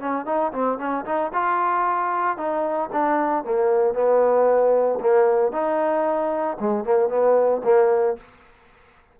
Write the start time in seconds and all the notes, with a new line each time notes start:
0.00 C#4
0.25 D#4
0.52 C4
0.78 C#4
1.05 D#4
1.33 F4
2.37 D#4
2.92 D4
3.44 A#3
3.94 B3
5.00 A#3
5.52 D#4
6.60 G#3
6.84 A#3
7.09 B3
7.64 A#3